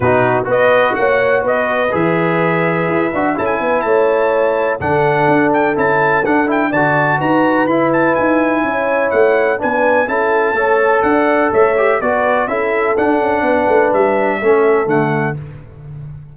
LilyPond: <<
  \new Staff \with { instrumentName = "trumpet" } { \time 4/4 \tempo 4 = 125 b'4 dis''4 fis''4 dis''4 | e''2. a''16 gis''8. | a''2 fis''4. g''8 | a''4 fis''8 g''8 a''4 ais''4 |
b''8 a''8 gis''2 fis''4 | gis''4 a''2 fis''4 | e''4 d''4 e''4 fis''4~ | fis''4 e''2 fis''4 | }
  \new Staff \with { instrumentName = "horn" } { \time 4/4 fis'4 b'4 cis''4 b'4~ | b'2. a'8 b'8 | cis''2 a'2~ | a'2 d''4 b'4~ |
b'2 cis''2 | b'4 a'4 cis''4 d''4 | cis''4 b'4 a'2 | b'2 a'2 | }
  \new Staff \with { instrumentName = "trombone" } { \time 4/4 dis'4 fis'2. | gis'2~ gis'8 fis'8 e'4~ | e'2 d'2 | e'4 d'8 e'8 fis'2 |
e'1 | d'4 e'4 a'2~ | a'8 g'8 fis'4 e'4 d'4~ | d'2 cis'4 a4 | }
  \new Staff \with { instrumentName = "tuba" } { \time 4/4 b,4 b4 ais4 b4 | e2 e'8 d'8 cis'8 b8 | a2 d4 d'4 | cis'4 d'4 d4 dis'4 |
e'4 dis'4 cis'4 a4 | b4 cis'4 a4 d'4 | a4 b4 cis'4 d'8 cis'8 | b8 a8 g4 a4 d4 | }
>>